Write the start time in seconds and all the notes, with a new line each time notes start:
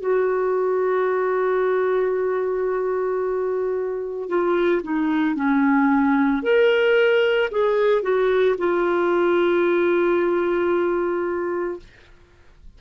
0.00 F#4
4.29 F4
4.83 D#4
5.35 C#4
6.42 A#4
7.51 G#4
8.03 F#4
8.58 F4